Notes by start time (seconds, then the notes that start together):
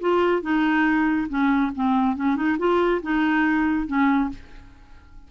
0.00 F4
0.42 D#4
1.29 C#4
1.75 C4
2.15 C#4
2.36 D#4
2.58 F4
3.02 D#4
3.87 C#4